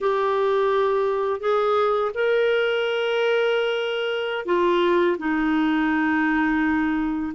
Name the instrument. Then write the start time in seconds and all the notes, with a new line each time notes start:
clarinet
0.01 G4
1.40 G#4
2.14 A#4
4.45 F4
5.18 D#4